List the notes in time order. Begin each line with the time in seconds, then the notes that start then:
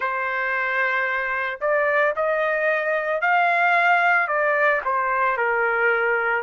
0.00 C5
1.61 D5
2.16 D#5
3.21 F5
4.27 D5
4.85 C5
5.37 A#4